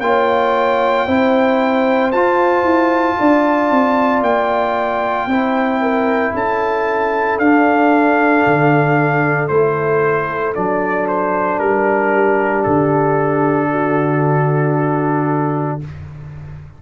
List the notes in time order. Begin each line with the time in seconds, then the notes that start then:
0.00 A#3 F4 C#5 G5
1.07 C4 E4 C5
2.12 F4 A5
2.63 E4
3.19 D4 D5
3.70 C4
4.21 A#3 G5
5.27 C4 E4 C5
5.81 A#4
6.33 C#4 A4 A5
7.38 D4 F5
8.46 D3
9.48 A3 E4 C5
10.55 F#3 D4 D5
11.08 C5
11.59 G3 A#4
12.13 G4
12.63 D3 A4
13.71 F#4